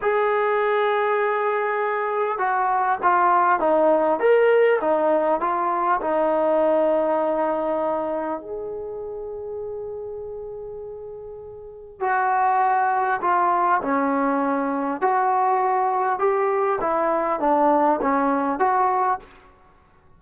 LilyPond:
\new Staff \with { instrumentName = "trombone" } { \time 4/4 \tempo 4 = 100 gis'1 | fis'4 f'4 dis'4 ais'4 | dis'4 f'4 dis'2~ | dis'2 gis'2~ |
gis'1 | fis'2 f'4 cis'4~ | cis'4 fis'2 g'4 | e'4 d'4 cis'4 fis'4 | }